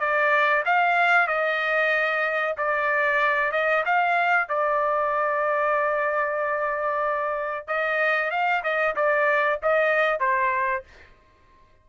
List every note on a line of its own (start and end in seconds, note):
0.00 0.64 D5
0.66 1.28 F5
1.28 2.56 D#5
2.58 3.52 D5
3.52 3.84 D#5
3.86 4.49 F5
4.49 7.68 D5
7.68 8.31 D#5
8.31 8.63 F5
8.63 8.95 D#5
8.96 9.60 D5
9.63 10.20 D#5
10.20 10.84 C5